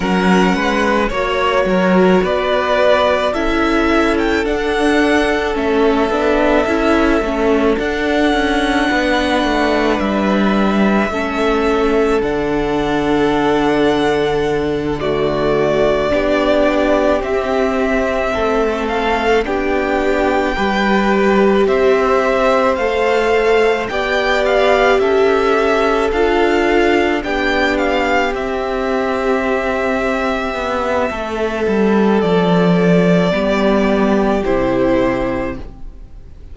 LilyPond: <<
  \new Staff \with { instrumentName = "violin" } { \time 4/4 \tempo 4 = 54 fis''4 cis''4 d''4 e''8. g''16 | fis''4 e''2 fis''4~ | fis''4 e''2 fis''4~ | fis''4. d''2 e''8~ |
e''4 f''8 g''2 e''8~ | e''8 f''4 g''8 f''8 e''4 f''8~ | f''8 g''8 f''8 e''2~ e''8~ | e''4 d''2 c''4 | }
  \new Staff \with { instrumentName = "violin" } { \time 4/4 ais'8 b'8 cis''8 ais'8 b'4 a'4~ | a'1 | b'2 a'2~ | a'4. fis'4 g'4.~ |
g'8 a'4 g'4 b'4 c''8~ | c''4. d''4 a'4.~ | a'8 g'2.~ g'8 | a'2 g'2 | }
  \new Staff \with { instrumentName = "viola" } { \time 4/4 cis'4 fis'2 e'4 | d'4 cis'8 d'8 e'8 cis'8 d'4~ | d'2 cis'4 d'4~ | d'4. a4 d'4 c'8~ |
c'4. d'4 g'4.~ | g'8 a'4 g'2 f'8~ | f'8 d'4 c'2~ c'8~ | c'2 b4 e'4 | }
  \new Staff \with { instrumentName = "cello" } { \time 4/4 fis8 gis8 ais8 fis8 b4 cis'4 | d'4 a8 b8 cis'8 a8 d'8 cis'8 | b8 a8 g4 a4 d4~ | d2~ d8 b4 c'8~ |
c'8 a4 b4 g4 c'8~ | c'8 a4 b4 cis'4 d'8~ | d'8 b4 c'2 b8 | a8 g8 f4 g4 c4 | }
>>